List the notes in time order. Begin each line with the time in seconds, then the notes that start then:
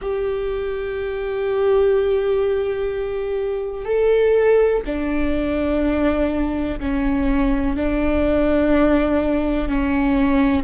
0.01 G4
3.85 A4
4.85 D4
6.79 C#4
7.76 D4
9.68 C#4